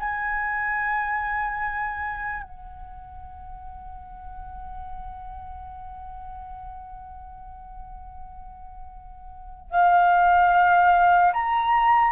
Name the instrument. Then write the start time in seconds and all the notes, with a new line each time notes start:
flute
0.00 G#5
2.43 F#5
9.71 F5
11.34 A#5